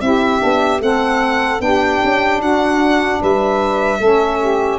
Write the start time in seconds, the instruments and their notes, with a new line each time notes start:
0.00 tuba C4, saxophone E4 G4, violin E5
0.39 tuba B3, saxophone D4
0.79 tuba A3, saxophone C4 A4, violin F#5
1.59 tuba B3, saxophone D4 G4, violin G5
2.04 tuba C#4
2.39 tuba D4, saxophone F#4, violin F#5
3.20 tuba G3, saxophone B4, violin E5
3.98 tuba A3, saxophone C#4 A4
4.40 saxophone G4